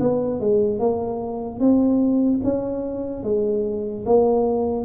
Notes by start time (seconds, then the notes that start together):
0.00 B3
0.40 G#3
0.79 A#3
1.60 C4
2.43 C#4
3.23 G#3
4.06 A#3